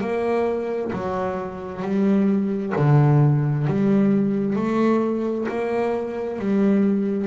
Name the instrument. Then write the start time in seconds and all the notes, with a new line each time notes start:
double bass
0.00 A#3
0.92 F#3
1.82 G3
2.76 D3
3.67 G3
4.56 A3
5.48 A#3
6.39 G3